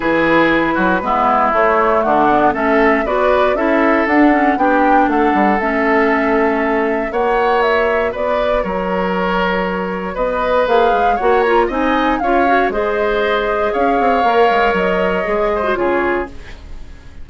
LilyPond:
<<
  \new Staff \with { instrumentName = "flute" } { \time 4/4 \tempo 4 = 118 b'2. cis''4 | fis''4 e''4 d''4 e''4 | fis''4 g''4 fis''4 e''4~ | e''2 fis''4 e''4 |
d''4 cis''2. | dis''4 f''4 fis''8 ais''8 gis''4 | f''4 dis''2 f''4~ | f''4 dis''2 cis''4 | }
  \new Staff \with { instrumentName = "oboe" } { \time 4/4 gis'4. fis'8 e'2 | d'4 a'4 b'4 a'4~ | a'4 g'4 a'2~ | a'2 cis''2 |
b'4 ais'2. | b'2 cis''4 dis''4 | cis''4 c''2 cis''4~ | cis''2~ cis''8 c''8 gis'4 | }
  \new Staff \with { instrumentName = "clarinet" } { \time 4/4 e'2 b4 a4~ | a8 b8 cis'4 fis'4 e'4 | d'8 cis'8 d'2 cis'4~ | cis'2 fis'2~ |
fis'1~ | fis'4 gis'4 fis'8 f'8 dis'4 | f'8 fis'8 gis'2. | ais'2 gis'8. fis'16 f'4 | }
  \new Staff \with { instrumentName = "bassoon" } { \time 4/4 e4. fis8 gis4 a4 | d4 a4 b4 cis'4 | d'4 b4 a8 g8 a4~ | a2 ais2 |
b4 fis2. | b4 ais8 gis8 ais4 c'4 | cis'4 gis2 cis'8 c'8 | ais8 gis8 fis4 gis4 cis4 | }
>>